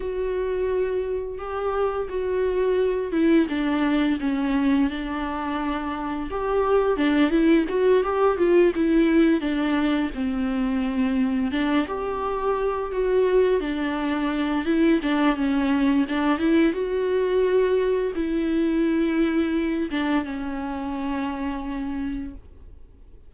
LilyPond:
\new Staff \with { instrumentName = "viola" } { \time 4/4 \tempo 4 = 86 fis'2 g'4 fis'4~ | fis'8 e'8 d'4 cis'4 d'4~ | d'4 g'4 d'8 e'8 fis'8 g'8 | f'8 e'4 d'4 c'4.~ |
c'8 d'8 g'4. fis'4 d'8~ | d'4 e'8 d'8 cis'4 d'8 e'8 | fis'2 e'2~ | e'8 d'8 cis'2. | }